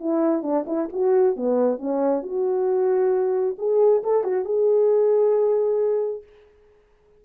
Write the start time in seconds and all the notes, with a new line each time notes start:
0.00 E4
0.43 D4
0.67 E4
0.93 F#4
1.36 B3
1.79 C#4
2.23 F#4
3.58 G#4
4.03 A4
4.24 F#4
4.45 G#4